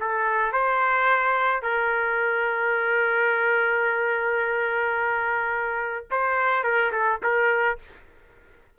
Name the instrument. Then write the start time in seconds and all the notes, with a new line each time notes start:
trumpet
0.00 A4
0.52 C5
1.63 A#4
6.11 C5
6.64 A#4
6.92 A4
7.23 A#4